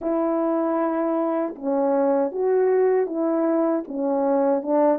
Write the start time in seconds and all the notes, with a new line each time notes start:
0.01 E4
1.55 C#4
2.31 F#4
3.06 E4
3.87 C#4
4.62 D4